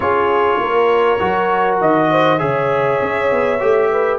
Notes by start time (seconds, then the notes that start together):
0.00 C#4 F4 G#4 C#5
0.60 A#3 A#4
1.19 F#3 F#4
1.80 D#3 D#5
2.10 C5
2.38 C#3 G#4 C#5 E5
3.01 C#4
3.31 B3
3.59 A3 G4
3.91 B4